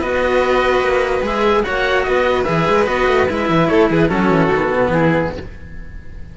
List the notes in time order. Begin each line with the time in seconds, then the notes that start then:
0.00 B3 F#4 B4 D#5
0.80 A#3
1.23 G#3 G#4 E5
1.63 A#3 F#4 C#5 F#5
2.03 B3 B4 D#5
2.44 E3 G#4 E5
2.69 G#3
2.86 B3 F#4 D#5
3.07 A3
3.29 G#3 E4 E5
3.49 E3
3.68 A3 A4 C#5
3.91 E3 G#4 B4
4.09 F#3 C#4 F#4 A4
4.30 E3
4.52 D#3 B3
4.74 B2
4.89 E3 E4 G#4